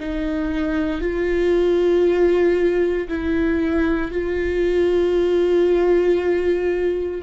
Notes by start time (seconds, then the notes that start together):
0.00 D#4
1.02 F4
3.09 E4
4.12 F4